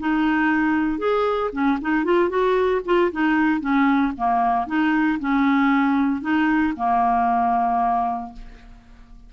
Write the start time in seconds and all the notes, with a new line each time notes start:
0.00 D#4
0.99 G#4
1.53 C#4
1.82 D#4
2.05 F4
2.30 F#4
2.86 F4
3.12 D#4
3.61 C#4
4.18 A#3
4.67 D#4
5.20 C#4
6.22 D#4
6.77 A#3